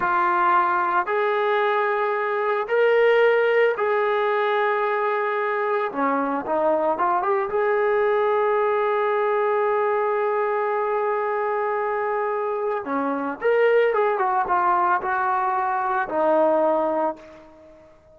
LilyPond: \new Staff \with { instrumentName = "trombone" } { \time 4/4 \tempo 4 = 112 f'2 gis'2~ | gis'4 ais'2 gis'4~ | gis'2. cis'4 | dis'4 f'8 g'8 gis'2~ |
gis'1~ | gis'1 | cis'4 ais'4 gis'8 fis'8 f'4 | fis'2 dis'2 | }